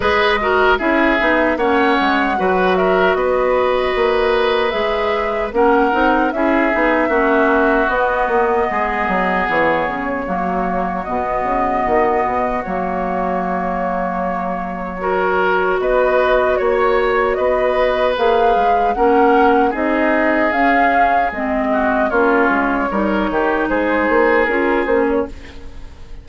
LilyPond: <<
  \new Staff \with { instrumentName = "flute" } { \time 4/4 \tempo 4 = 76 dis''4 e''4 fis''4. e''8 | dis''2 e''4 fis''4 | e''2 dis''2 | cis''2 dis''2 |
cis''1 | dis''4 cis''4 dis''4 f''4 | fis''4 dis''4 f''4 dis''4 | cis''2 c''4 ais'8 c''16 cis''16 | }
  \new Staff \with { instrumentName = "oboe" } { \time 4/4 b'8 ais'8 gis'4 cis''4 b'8 ais'8 | b'2. ais'4 | gis'4 fis'2 gis'4~ | gis'4 fis'2.~ |
fis'2. ais'4 | b'4 cis''4 b'2 | ais'4 gis'2~ gis'8 fis'8 | f'4 ais'8 g'8 gis'2 | }
  \new Staff \with { instrumentName = "clarinet" } { \time 4/4 gis'8 fis'8 e'8 dis'8 cis'4 fis'4~ | fis'2 gis'4 cis'8 dis'8 | e'8 dis'8 cis'4 b2~ | b4 ais4 b2 |
ais2. fis'4~ | fis'2. gis'4 | cis'4 dis'4 cis'4 c'4 | cis'4 dis'2 f'8 cis'8 | }
  \new Staff \with { instrumentName = "bassoon" } { \time 4/4 gis4 cis'8 b8 ais8 gis8 fis4 | b4 ais4 gis4 ais8 c'8 | cis'8 b8 ais4 b8 ais8 gis8 fis8 | e8 cis8 fis4 b,8 cis8 dis8 b,8 |
fis1 | b4 ais4 b4 ais8 gis8 | ais4 c'4 cis'4 gis4 | ais8 gis8 g8 dis8 gis8 ais8 cis'8 ais8 | }
>>